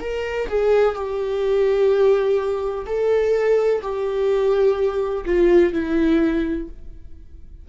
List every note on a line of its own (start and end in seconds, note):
0.00 0.48 A#4
0.48 0.95 G#4
0.95 2.85 G4
2.86 3.81 A4
3.81 5.24 G4
5.25 5.73 F4
5.73 6.68 E4